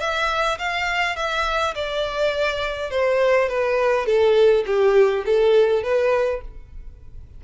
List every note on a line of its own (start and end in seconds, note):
0.00 0.58 E5
0.59 1.17 F5
1.17 1.75 E5
1.75 2.91 D5
2.91 3.49 C5
3.49 4.06 B4
4.06 4.65 A4
4.67 5.25 G4
5.26 5.83 A4
5.83 6.42 B4